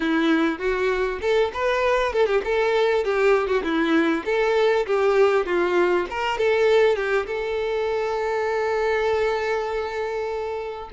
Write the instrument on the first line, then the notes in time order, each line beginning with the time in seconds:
violin
0.00 E4
0.58 F#4
1.21 A4
1.53 B4
2.12 A4
2.26 G4
2.44 A4
3.04 G4
3.47 F#4
3.63 E4
4.25 A4
4.86 G4
5.45 F4
6.10 A#4
6.37 A4
6.95 G4
7.26 A4